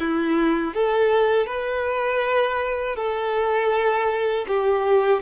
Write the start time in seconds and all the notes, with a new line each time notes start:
0.00 E4
0.74 A4
1.47 B4
2.97 A4
4.48 G4